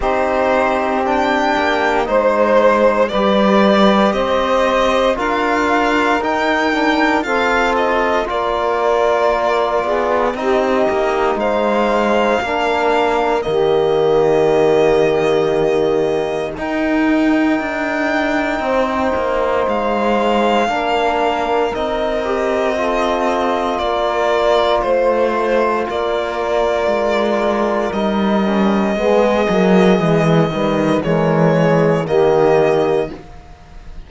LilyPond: <<
  \new Staff \with { instrumentName = "violin" } { \time 4/4 \tempo 4 = 58 c''4 g''4 c''4 d''4 | dis''4 f''4 g''4 f''8 dis''8 | d''2 dis''4 f''4~ | f''4 dis''2. |
g''2. f''4~ | f''4 dis''2 d''4 | c''4 d''2 dis''4~ | dis''2 cis''4 dis''4 | }
  \new Staff \with { instrumentName = "saxophone" } { \time 4/4 g'2 c''4 b'4 | c''4 ais'2 a'4 | ais'4. gis'8 g'4 c''4 | ais'4 g'2. |
ais'2 c''2 | ais'2 a'4 ais'4 | c''4 ais'2. | gis'4. b'8 ais'8 gis'8 g'4 | }
  \new Staff \with { instrumentName = "trombone" } { \time 4/4 dis'4 d'4 dis'4 g'4~ | g'4 f'4 dis'8 d'8 c'4 | f'2 dis'2 | d'4 ais2. |
dis'1 | d'4 dis'8 g'8 f'2~ | f'2. dis'8 cis'8 | b8 ais8 gis8 g8 gis4 ais4 | }
  \new Staff \with { instrumentName = "cello" } { \time 4/4 c'4. ais8 gis4 g4 | c'4 d'4 dis'4 f'4 | ais4. b8 c'8 ais8 gis4 | ais4 dis2. |
dis'4 d'4 c'8 ais8 gis4 | ais4 c'2 ais4 | a4 ais4 gis4 g4 | gis8 fis8 e8 dis8 e4 dis4 | }
>>